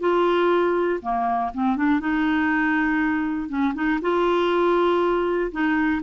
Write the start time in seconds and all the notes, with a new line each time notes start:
0.00 F4
1.02 A#3
1.54 C4
1.76 D4
2.00 D#4
3.49 C#4
3.74 D#4
4.01 F4
5.52 D#4